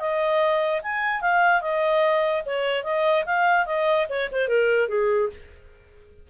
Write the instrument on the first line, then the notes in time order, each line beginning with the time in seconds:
clarinet
0.00 D#5
0.83 G#5
1.22 F5
1.61 D#5
2.46 C#5
2.84 D#5
3.26 F5
3.66 D#5
4.09 C#5
4.32 C5
4.48 A#4
4.89 G#4